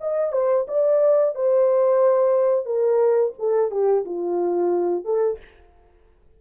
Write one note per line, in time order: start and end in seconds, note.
0.00 0.32 D#5
0.32 0.66 C5
0.67 1.35 D5
1.35 2.65 C5
2.65 3.32 A#4
3.38 3.71 A4
3.71 4.04 G4
4.05 5.04 F4
5.04 5.38 A4